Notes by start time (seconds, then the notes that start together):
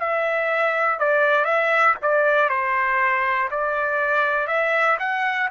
0.00 E5
1.00 D5
1.45 E5
2.02 D5
2.50 C5
3.51 D5
4.47 E5
5.00 F#5